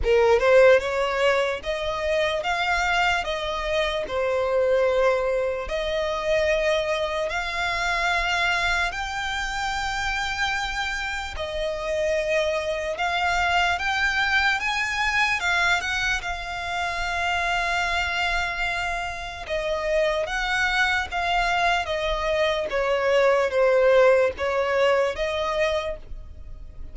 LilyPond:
\new Staff \with { instrumentName = "violin" } { \time 4/4 \tempo 4 = 74 ais'8 c''8 cis''4 dis''4 f''4 | dis''4 c''2 dis''4~ | dis''4 f''2 g''4~ | g''2 dis''2 |
f''4 g''4 gis''4 f''8 fis''8 | f''1 | dis''4 fis''4 f''4 dis''4 | cis''4 c''4 cis''4 dis''4 | }